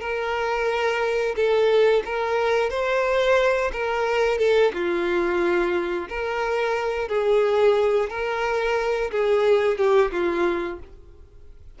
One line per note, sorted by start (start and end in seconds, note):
0.00 1.35 A#4
1.35 2.03 A4
2.05 2.70 A#4
2.70 3.71 C5
3.72 4.38 A#4
4.38 4.72 A4
4.73 6.08 F4
6.08 7.08 A#4
7.08 8.09 G#4
8.09 9.10 A#4
9.11 9.77 G#4
9.77 10.11 G4
10.11 10.79 F4